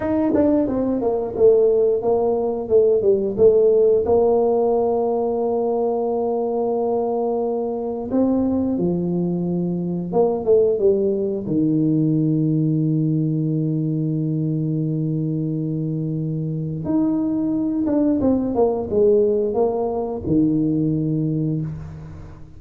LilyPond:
\new Staff \with { instrumentName = "tuba" } { \time 4/4 \tempo 4 = 89 dis'8 d'8 c'8 ais8 a4 ais4 | a8 g8 a4 ais2~ | ais1 | c'4 f2 ais8 a8 |
g4 dis2.~ | dis1~ | dis4 dis'4. d'8 c'8 ais8 | gis4 ais4 dis2 | }